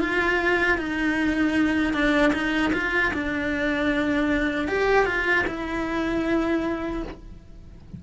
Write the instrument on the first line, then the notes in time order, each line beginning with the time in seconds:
cello
0.00 F4
0.78 D#4
1.94 D4
2.33 D#4
2.73 F4
3.14 D4
4.68 G4
5.06 F4
5.48 E4